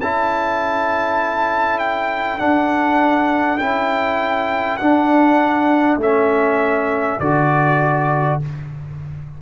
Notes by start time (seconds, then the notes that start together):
0.00 C#4 E4 A4 A5
1.79 G5
2.39 D4 F#5
3.58 C#4 E4 G5
4.77 D4 F#5
5.97 A3 C#4 E5
7.20 D3 F#4 D5